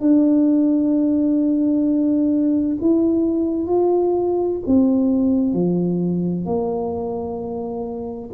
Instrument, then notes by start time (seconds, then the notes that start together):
tuba
0.00 D4
2.80 E4
3.66 F4
4.66 C4
5.53 F3
6.45 A#3